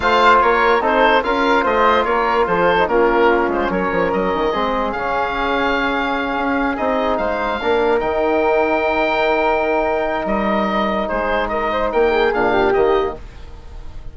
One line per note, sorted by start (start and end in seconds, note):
0.00 0.40 A3
0.00 0.81 F4
0.00 0.42 C5
0.00 0.37 F5
0.41 0.81 A#3
0.41 0.81 A#4
0.41 0.82 C#5
0.81 1.22 C4
0.81 1.22 D#4
0.81 1.22 A4
0.81 1.23 C5
1.22 1.64 C#4
1.22 2.77 F4
1.22 1.63 A#4
1.22 1.64 F5
1.63 2.05 A3
1.63 2.04 C5
1.63 2.04 D#5
2.04 2.46 A#3
2.04 2.46 A#4
2.04 2.45 C#5
2.46 2.87 F3
2.46 2.88 A4
2.46 2.87 C5
2.78 2.88 D#4
2.87 3.47 A#3
2.87 4.52 C#4
2.87 3.70 F4
2.87 3.49 A#4
3.47 3.68 G#3
3.47 3.71 C5
3.69 3.90 F#3
3.69 4.51 A#4
3.69 4.12 C#5
3.91 4.11 F3
4.12 4.34 F#3
4.12 4.92 D#5
4.34 4.54 D#3
4.51 4.93 G#3
4.51 4.95 C4
4.51 7.18 G#4
4.92 6.36 C#3
4.92 6.77 C#4
4.92 6.77 F5
6.36 6.77 C#4
6.77 7.18 C4
6.77 7.59 D#4
6.77 7.17 D#5
7.17 7.60 G#3
7.17 7.60 C5
7.17 7.99 F5
7.61 8.02 A#3
7.61 7.99 D4
7.61 11.08 A#4
7.99 10.25 D#3
7.99 12.31 D#4
7.99 10.26 G5
10.25 11.07 G3
10.25 11.08 D#5
11.08 11.93 G#3
11.08 11.49 G#4
11.08 11.48 C5
11.48 11.71 A#4
11.48 11.89 D#5
11.72 11.91 C5
11.91 12.34 A#3
11.91 12.11 A#4
11.91 12.33 G5
12.11 12.52 G#4
12.33 12.75 A#2
12.33 12.74 D4
12.33 12.73 F5
12.52 13.13 G4
12.73 13.17 D#3
12.73 13.15 A#3
12.73 13.14 D#5